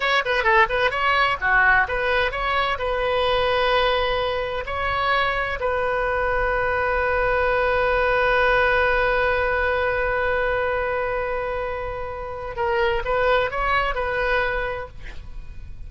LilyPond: \new Staff \with { instrumentName = "oboe" } { \time 4/4 \tempo 4 = 129 cis''8 b'8 a'8 b'8 cis''4 fis'4 | b'4 cis''4 b'2~ | b'2 cis''2 | b'1~ |
b'1~ | b'1~ | b'2. ais'4 | b'4 cis''4 b'2 | }